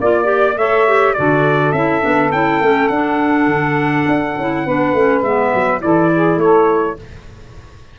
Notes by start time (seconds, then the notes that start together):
0.00 A#3 F4 D5
0.24 G4
0.57 A3 A4 C#5 E5
0.87 G4
1.14 D3 F#4 A4 D5
1.72 C#4 E4 E5
2.01 B3 D4
2.31 C#4 E4 G5
2.60 A3 C#4
2.88 D4 F#5
3.47 D3
4.08 D4
4.37 C#4 E4
4.65 B3 D4 B4
4.93 A3 C#4
5.22 G#3 B3 E5
5.54 F#3
5.80 E3 E4 A4 D5
6.13 G#4
6.37 A3 A4 C#5